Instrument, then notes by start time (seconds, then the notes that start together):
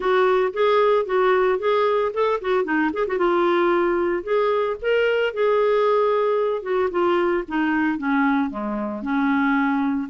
clarinet
0.00 F#4
0.53 G#4
1.05 F#4
1.58 G#4
2.13 A4
2.41 F#4
2.64 D#4
2.93 G#4
3.07 F#4
3.18 F4
4.23 G#4
4.81 A#4
5.33 G#4
6.62 F#4
6.91 F4
7.47 D#4
7.98 C#4
8.50 G#3
9.02 C#4